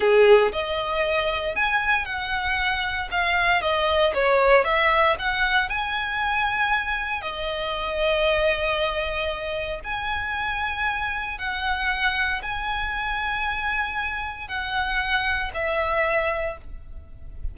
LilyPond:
\new Staff \with { instrumentName = "violin" } { \time 4/4 \tempo 4 = 116 gis'4 dis''2 gis''4 | fis''2 f''4 dis''4 | cis''4 e''4 fis''4 gis''4~ | gis''2 dis''2~ |
dis''2. gis''4~ | gis''2 fis''2 | gis''1 | fis''2 e''2 | }